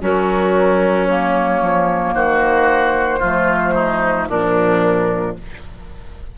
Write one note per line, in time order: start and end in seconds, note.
0.00 1.61 F#3
0.00 2.14 C#4
0.00 1.07 F#4
0.00 1.06 A#4
1.06 3.21 A#3
1.06 2.13 C#5
1.61 2.14 F3
2.14 3.21 D#3
2.14 3.19 F#4
2.14 4.28 C5
3.19 4.28 F3
3.19 4.30 A3
3.19 3.73 F4
3.75 4.28 D#4
4.28 5.35 A#2
4.28 5.38 F3
4.28 5.36 D4
4.28 5.36 A#4